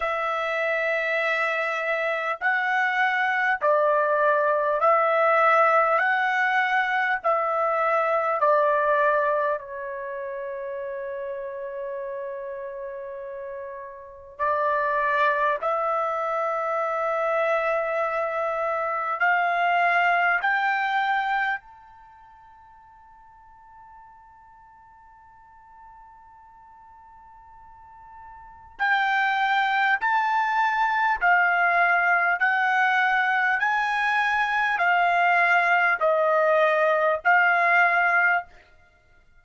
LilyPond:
\new Staff \with { instrumentName = "trumpet" } { \time 4/4 \tempo 4 = 50 e''2 fis''4 d''4 | e''4 fis''4 e''4 d''4 | cis''1 | d''4 e''2. |
f''4 g''4 a''2~ | a''1 | g''4 a''4 f''4 fis''4 | gis''4 f''4 dis''4 f''4 | }